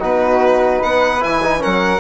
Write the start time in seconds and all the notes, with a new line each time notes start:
0.00 B2 D#4 F#4 B4
0.79 B3 B4 F#5
1.20 E3 E4 G#5
1.43 D#4
1.59 C#4 A#4 F#5
1.65 F#3